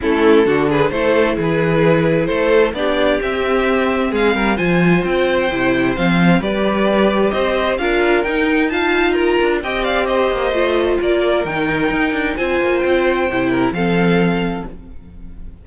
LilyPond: <<
  \new Staff \with { instrumentName = "violin" } { \time 4/4 \tempo 4 = 131 a'4. b'8 c''4 b'4~ | b'4 c''4 d''4 e''4~ | e''4 f''4 gis''4 g''4~ | g''4 f''4 d''2 |
dis''4 f''4 g''4 a''4 | ais''4 g''8 f''8 dis''2 | d''4 g''2 gis''4 | g''2 f''2 | }
  \new Staff \with { instrumentName = "violin" } { \time 4/4 e'4 fis'8 gis'8 a'4 gis'4~ | gis'4 a'4 g'2~ | g'4 gis'8 ais'8 c''2~ | c''2 b'2 |
c''4 ais'2 f''4 | ais'4 dis''8 d''8 c''2 | ais'2. c''4~ | c''4. ais'8 a'2 | }
  \new Staff \with { instrumentName = "viola" } { \time 4/4 cis'4 d'4 e'2~ | e'2 d'4 c'4~ | c'2 f'2 | e'4 c'4 g'2~ |
g'4 f'4 dis'4 f'4~ | f'4 g'2 f'4~ | f'4 dis'2 f'4~ | f'4 e'4 c'2 | }
  \new Staff \with { instrumentName = "cello" } { \time 4/4 a4 d4 a4 e4~ | e4 a4 b4 c'4~ | c'4 gis8 g8 f4 c'4 | c4 f4 g2 |
c'4 d'4 dis'2~ | dis'8 d'8 c'4. ais8 a4 | ais4 dis4 dis'8 d'8 c'8 ais8 | c'4 c4 f2 | }
>>